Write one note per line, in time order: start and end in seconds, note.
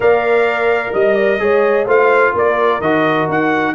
0.00 0.92 A#3
0.00 1.39 A#4
0.00 0.92 D5
0.00 0.94 F5
0.92 1.39 G3
0.92 1.14 D#5
0.92 1.88 D#5
1.14 1.38 D5
1.39 1.86 G#3
1.39 1.86 G#4
1.39 1.86 C#5
1.86 2.33 A3
1.86 2.81 F4
1.86 2.32 C5
1.86 2.35 F5
2.33 2.79 A#3
2.33 3.74 A#4
2.33 2.81 D5
2.79 3.26 D#3
2.79 3.74 F#4
2.79 3.28 D#5
3.29 3.74 D#4
3.29 3.74 F#5